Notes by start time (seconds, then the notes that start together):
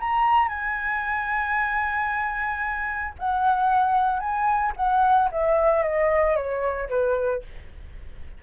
0.00 A#5
0.49 G#5
3.19 F#5
4.20 G#5
4.77 F#5
5.32 E5
5.83 D#5
6.36 C#5
6.90 B4